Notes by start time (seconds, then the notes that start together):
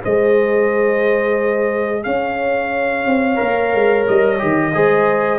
0.00 G#3 G#4 C5 D#5
2.03 C#4 C#5 F5
3.06 C4
3.36 A#3 A#4
3.74 G#3
4.07 G3 D#5
4.38 D#3 G4
4.74 G#3 G#4 C5